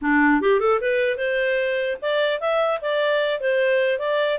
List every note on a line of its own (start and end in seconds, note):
0.01 0.41 D4
0.41 0.60 G4
0.60 0.80 A4
0.80 1.17 B4
1.17 1.97 C5
2.01 2.40 D5
2.40 2.80 E5
2.81 3.40 D5
3.40 3.99 C5
3.99 4.38 D5